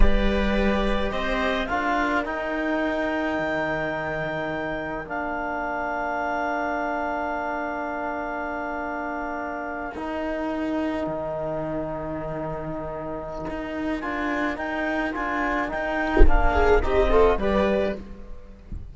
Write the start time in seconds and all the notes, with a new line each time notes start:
0.00 G3 G4 B4 D5
1.11 C4 C5 D#5
1.66 D4 F4 A#4 F5
2.24 D#4 G5
3.39 D#3
5.05 A#3 D4 F5
9.94 D#4 G5
11.07 D#3
13.49 D#4
14.00 D4 F4 G#5
14.55 D#4 G5
15.12 D4 F4 G#5
15.68 D#4 G5
16.27 A#3 D4 F5
16.52 G#4
16.80 C4 D#4 G4 D#5
17.09 F4 A4
17.36 G3 G4 B4 D5